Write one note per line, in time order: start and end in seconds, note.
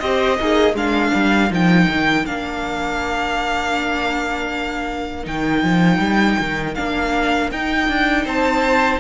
0.00 0.39 C4
0.00 0.40 G4
0.00 0.39 C5
0.00 0.75 D#5
0.40 0.74 A#3
0.40 0.77 D#4
0.40 0.76 G#4
0.74 1.12 G#3
0.74 1.50 D4
0.74 8.25 A#4
0.74 1.52 F5
1.15 1.51 G3
1.50 1.88 F3
1.50 2.25 D#4
1.50 2.26 G5
1.89 2.26 D#3
2.26 5.27 A#3
2.26 5.24 D4
2.26 5.26 F5
5.24 5.64 D#3
5.24 6.74 D#4
5.24 6.75 G5
5.64 5.99 F3
5.99 6.36 G3
6.40 6.78 D#3
6.75 7.51 A#3
6.75 7.52 D4
6.75 7.50 F5
7.51 7.89 D#4
7.51 9.01 D#4
7.51 8.27 G5
7.89 8.26 D4
8.25 9.01 C4
8.25 9.00 C5
8.25 9.01 A5